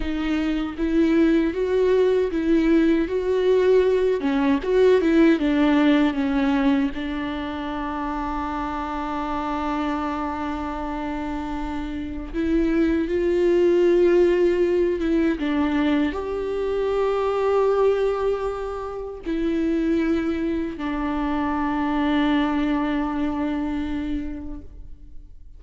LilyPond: \new Staff \with { instrumentName = "viola" } { \time 4/4 \tempo 4 = 78 dis'4 e'4 fis'4 e'4 | fis'4. cis'8 fis'8 e'8 d'4 | cis'4 d'2.~ | d'1 |
e'4 f'2~ f'8 e'8 | d'4 g'2.~ | g'4 e'2 d'4~ | d'1 | }